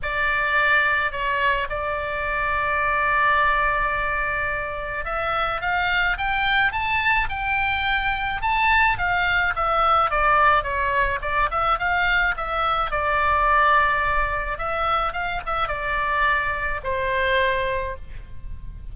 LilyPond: \new Staff \with { instrumentName = "oboe" } { \time 4/4 \tempo 4 = 107 d''2 cis''4 d''4~ | d''1~ | d''4 e''4 f''4 g''4 | a''4 g''2 a''4 |
f''4 e''4 d''4 cis''4 | d''8 e''8 f''4 e''4 d''4~ | d''2 e''4 f''8 e''8 | d''2 c''2 | }